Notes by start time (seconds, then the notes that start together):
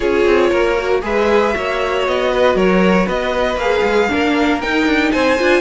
0.00 C#4 F4 G#4 C#5
0.26 C4
0.50 A#3 A#4
0.77 F#4
1.02 G#3 G#4 B4 E5
1.52 A#3 F#4 C#5
2.07 B3 D#5
2.31 B4
2.55 F#3 A#4 C#5
3.06 B3 B4 D#5
3.55 A#3 G#4 F5
3.83 G#3
4.09 A#3 D4 A#4
4.60 D#4 G5
4.86 D4
5.11 C4 C5 G#5
5.38 D4 F4